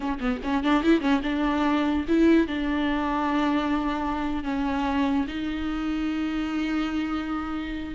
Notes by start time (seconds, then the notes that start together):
0.00 C#4
0.20 B3
0.43 C#4
0.63 D4
0.83 E4
1.00 C#4
1.22 D4
2.07 E4
2.47 D4
4.43 C#4
5.27 D#4